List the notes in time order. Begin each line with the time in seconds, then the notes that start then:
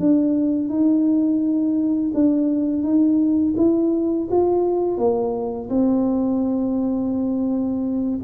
0.00 D4
0.69 D#4
2.15 D4
2.83 D#4
3.57 E4
4.31 F4
4.98 A#3
5.70 C4